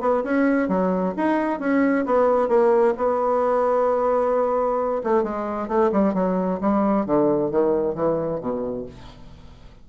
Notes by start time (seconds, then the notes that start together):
0.00 B3
0.23 C#4
0.68 F#3
1.16 D#4
1.59 C#4
2.05 B3
2.48 A#3
2.97 B3
5.03 A3
5.23 G#3
5.68 A3
5.92 G3
6.14 F#3
6.61 G3
7.05 D3
7.51 D#3
7.95 E3
8.40 B2